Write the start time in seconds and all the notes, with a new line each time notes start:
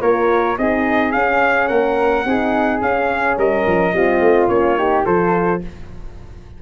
0.00 A#3 F4 A#4 C#5
0.57 C4 D#4 G#4 D#5
1.11 C#4 F5
1.67 A#3 A#4 F#5
2.25 C4 D#4 G#4
2.80 C#4 F5
3.37 G3 A#4 D#5
3.66 F3
3.92 G3 C4 F4
4.20 A3
4.48 A#3 C#4 C#5
4.76 D#4 G4
5.05 F3 F4 A4 C5